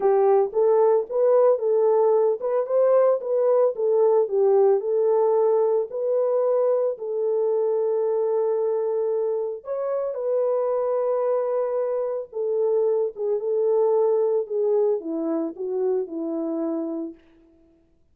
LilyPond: \new Staff \with { instrumentName = "horn" } { \time 4/4 \tempo 4 = 112 g'4 a'4 b'4 a'4~ | a'8 b'8 c''4 b'4 a'4 | g'4 a'2 b'4~ | b'4 a'2.~ |
a'2 cis''4 b'4~ | b'2. a'4~ | a'8 gis'8 a'2 gis'4 | e'4 fis'4 e'2 | }